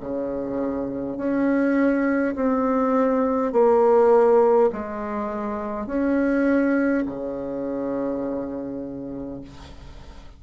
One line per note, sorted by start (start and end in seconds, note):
0.00 1.17 C#3
1.17 2.35 C#4
2.35 3.52 C4
3.52 4.70 A#3
4.72 5.87 G#3
5.87 7.04 C#4
7.06 9.41 C#3